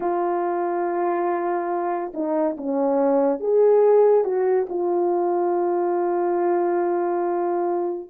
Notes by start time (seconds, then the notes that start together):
0.00 F4
2.14 D#4
2.57 C#4
3.40 G#4
4.24 F#4
4.69 F4